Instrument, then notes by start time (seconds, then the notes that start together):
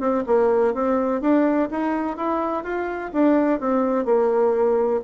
bassoon
0.00 C4
0.26 A#3
0.74 C4
1.21 D4
1.71 D#4
2.17 E4
2.64 F4
3.13 D4
3.60 C4
4.05 A#3